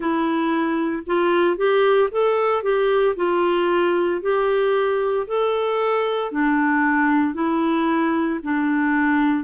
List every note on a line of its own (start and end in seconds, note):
0.00 1.02 E4
1.06 1.56 F4
1.56 2.09 G4
2.11 2.63 A4
2.63 3.15 G4
3.16 4.21 F4
4.21 5.26 G4
5.27 6.31 A4
6.31 7.34 D4
7.34 8.39 E4
8.43 9.44 D4